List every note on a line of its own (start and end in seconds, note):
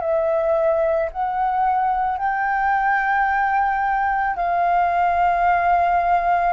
0.00 1.09 E5
1.12 2.18 F#5
2.18 4.36 G5
4.36 6.53 F5